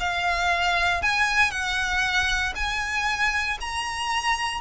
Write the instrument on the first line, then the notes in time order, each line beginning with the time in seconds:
violin
0.00 F5
1.02 G#5
1.51 F#5
2.55 G#5
3.61 A#5